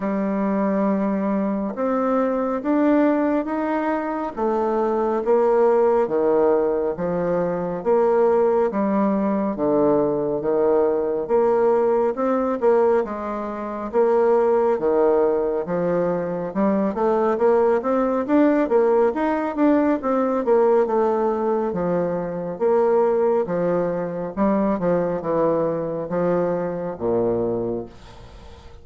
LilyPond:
\new Staff \with { instrumentName = "bassoon" } { \time 4/4 \tempo 4 = 69 g2 c'4 d'4 | dis'4 a4 ais4 dis4 | f4 ais4 g4 d4 | dis4 ais4 c'8 ais8 gis4 |
ais4 dis4 f4 g8 a8 | ais8 c'8 d'8 ais8 dis'8 d'8 c'8 ais8 | a4 f4 ais4 f4 | g8 f8 e4 f4 ais,4 | }